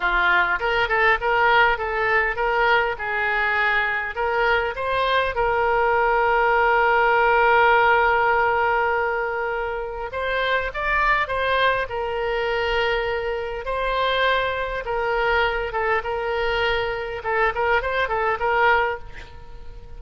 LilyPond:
\new Staff \with { instrumentName = "oboe" } { \time 4/4 \tempo 4 = 101 f'4 ais'8 a'8 ais'4 a'4 | ais'4 gis'2 ais'4 | c''4 ais'2.~ | ais'1~ |
ais'4 c''4 d''4 c''4 | ais'2. c''4~ | c''4 ais'4. a'8 ais'4~ | ais'4 a'8 ais'8 c''8 a'8 ais'4 | }